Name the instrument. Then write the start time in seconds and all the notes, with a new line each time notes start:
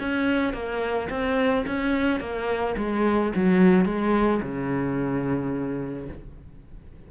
cello
0.00 C#4
0.53 A#3
1.10 C4
1.67 C#4
2.20 A#3
2.77 G#3
3.36 F#3
3.85 G#3
4.42 C#3